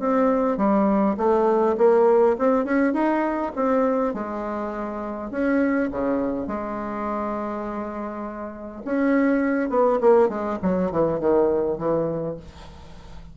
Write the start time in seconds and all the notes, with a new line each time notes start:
0.00 C4
0.57 G3
1.18 A3
1.78 A#3
2.39 C4
2.65 C#4
2.93 D#4
3.56 C4
4.14 G#3
5.31 C#4
5.92 C#3
6.48 G#3
8.85 C#4
9.70 B3
10.01 A#3
10.29 G#3
10.63 F#3
10.92 E3
11.20 D#3
11.78 E3